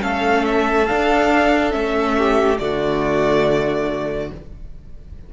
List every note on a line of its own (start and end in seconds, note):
0.00 0.89 A3
0.00 0.86 C#4
0.00 2.17 A4
0.00 0.45 F5
0.45 0.86 E5
0.86 1.70 D4
0.86 1.73 D4
0.86 1.71 F5
1.70 2.59 A3
1.70 2.56 C#4
1.70 2.57 E5
2.18 2.61 G4
2.58 4.31 D3
2.58 4.31 A3
2.58 4.33 F#4
2.58 4.30 D5